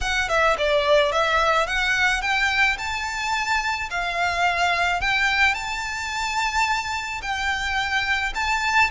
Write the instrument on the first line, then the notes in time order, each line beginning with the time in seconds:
violin
0.01 F#5
0.28 E5
0.58 D5
1.12 E5
1.66 F#5
2.21 G5
2.78 A5
3.90 F5
5.01 G5
5.54 A5
7.22 G5
8.35 A5